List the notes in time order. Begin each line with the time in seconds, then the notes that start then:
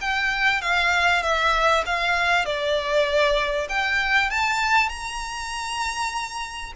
0.00 G5
0.61 F5
1.22 E5
1.85 F5
2.45 D5
3.68 G5
4.30 A5
4.88 A#5